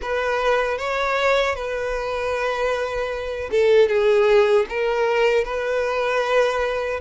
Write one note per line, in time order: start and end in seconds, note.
0.01 0.78 B4
0.78 1.55 C#5
1.55 3.50 B4
3.51 3.88 A4
3.88 4.66 G#4
4.69 5.44 A#4
5.44 7.00 B4